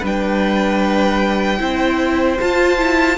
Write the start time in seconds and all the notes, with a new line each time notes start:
0.00 G3 D4 B4 G5
1.58 C4 E4 C5
2.40 F4 A5
2.77 E4